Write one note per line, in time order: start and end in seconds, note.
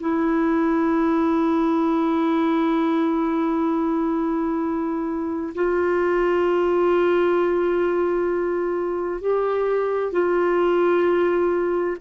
0.00 5.54 E4
5.55 9.21 F4
9.21 10.12 G4
10.12 11.97 F4